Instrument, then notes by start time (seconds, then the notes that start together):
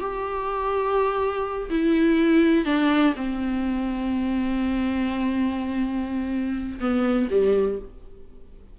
viola
0.00 G4
1.70 E4
2.65 D4
3.16 C4
6.80 B3
7.30 G3